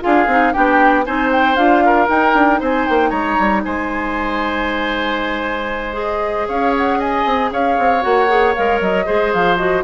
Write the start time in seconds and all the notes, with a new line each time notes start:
0.00 D4 F4 G#4 F5
0.26 C4 D#4
0.52 B3 D4 G4 G5
1.05 C4 D#4 C5 G#5
1.31 G5
1.55 D4 F4 F5
1.85 A#4
2.07 D#4 G5
2.34 D4
2.59 C4 C5 G#5
2.87 A#3 G5
3.09 G#3 C#5 A#5
3.38 G3
3.64 G#3 C5 G#5
5.93 G#4 D#5
6.47 C#4 C#5 F5
6.77 F#5
6.98 D#5 G#5
7.25 C4
7.51 C#4 C#5 F5
7.78 C4
8.01 A#3 F#4 F#5
8.28 G#4
8.54 G#3 A#4 F5
8.80 F#3 D#5
9.05 G#3 G#4 C5
9.32 F3 F5
9.57 F#4 D#5